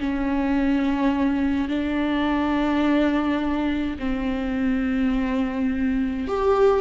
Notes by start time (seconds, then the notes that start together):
0.00 C#4
1.69 D4
3.99 C4
6.28 G4